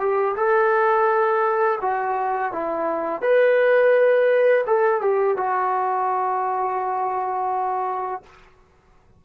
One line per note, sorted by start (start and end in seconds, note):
0.00 0.36 G4
0.36 1.79 A4
1.82 2.53 F#4
2.53 3.22 E4
3.22 4.65 B4
4.67 5.02 A4
5.02 5.37 G4
5.37 8.23 F#4